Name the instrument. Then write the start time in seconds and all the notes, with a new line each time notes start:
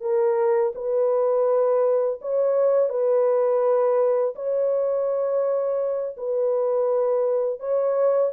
horn
0.00 A#4
0.75 B4
2.21 C#5
2.89 B4
4.35 C#5
6.16 B4
7.59 C#5